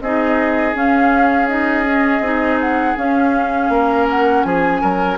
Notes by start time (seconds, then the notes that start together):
0.00 C4 D#4 G#4 D#5
0.74 C#4 F5
1.48 D#4 D#5
1.84 C#4
2.19 C4 D#4
2.60 F#5
2.96 C#4 F5
3.69 A#3 A#4
4.09 F#5
4.43 F3 G#4 G#5
4.81 F#3 A#4